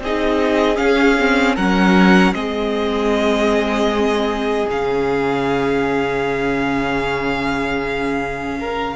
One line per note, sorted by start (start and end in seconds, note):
0.00 0.78 C4
0.00 0.77 D#4
0.00 1.56 G#4
0.00 0.77 D#5
0.77 1.16 C#4
0.77 1.57 C#4
0.77 1.55 F5
1.19 1.58 C4
1.56 2.32 F#3
1.56 2.35 C#4
1.56 2.34 A#4
1.56 2.34 F#5
2.32 4.66 G#3
2.32 4.69 C4
2.32 8.59 G#4
2.32 4.68 D#5
4.70 8.96 C#3
4.70 8.96 C#4
4.70 8.96 F5
8.59 8.96 A#4